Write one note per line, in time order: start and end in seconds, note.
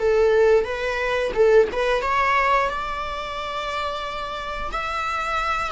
0.00 0.65 A4
0.65 1.32 B4
1.35 1.69 A4
1.73 2.03 B4
2.03 2.70 C#5
2.70 4.72 D5
4.72 5.72 E5